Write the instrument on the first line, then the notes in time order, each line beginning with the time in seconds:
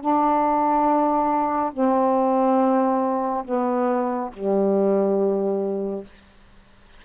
saxophone
0.00 D4
1.73 C4
3.44 B3
4.33 G3